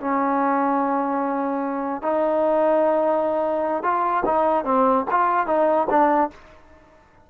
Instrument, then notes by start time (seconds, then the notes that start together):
trombone
0.00 C#4
2.02 D#4
3.83 F4
4.25 D#4
4.64 C4
5.10 F4
5.46 D#4
5.89 D4